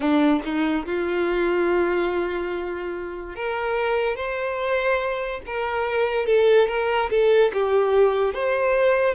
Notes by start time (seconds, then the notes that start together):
0.00 D4
0.44 D#4
0.86 F4
3.35 A#4
4.16 C5
5.46 A#4
6.25 A4
6.67 A#4
7.10 A4
7.53 G4
8.33 C5